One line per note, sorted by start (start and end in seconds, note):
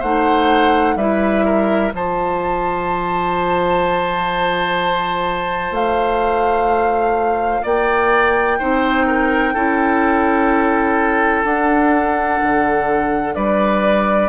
0.00 0.96 A3
0.00 0.99 D#4
0.00 0.95 C5
0.00 0.97 F#5
0.96 1.92 G3
0.96 1.92 E4
0.96 1.45 B4
0.96 1.92 E5
1.45 1.93 A#4
1.92 5.72 F3
1.92 8.59 F4
1.92 7.63 C5
1.92 5.75 A5
5.72 7.62 A3
5.72 7.66 F5
7.63 8.61 A#3
7.63 8.59 D5
7.63 11.45 G5
8.59 9.56 C4
8.59 9.55 D#4
8.59 9.07 C5
9.07 9.54 A#4
9.54 11.45 C#4
9.54 11.46 E4
9.54 13.35 A4
11.45 12.40 D4
11.45 14.29 D4
11.45 13.35 F#5
12.43 13.37 D3
13.35 14.29 G3
13.35 14.29 B4
13.35 14.29 D5